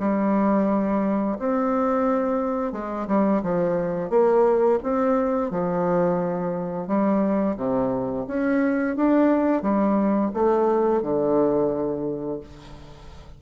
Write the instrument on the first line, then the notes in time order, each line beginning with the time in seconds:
bassoon
0.00 G3
1.39 C4
2.73 G#3
3.08 G3
3.43 F3
4.10 A#3
4.83 C4
5.51 F3
6.88 G3
7.57 C3
8.28 C#4
8.97 D4
9.63 G3
10.34 A3
11.03 D3